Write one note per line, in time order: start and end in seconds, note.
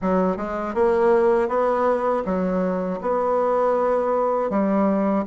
0.01 0.36 F#3
0.36 0.74 G#3
0.74 1.48 A#3
1.48 2.23 B3
2.25 3.00 F#3
3.01 4.50 B3
4.50 5.25 G3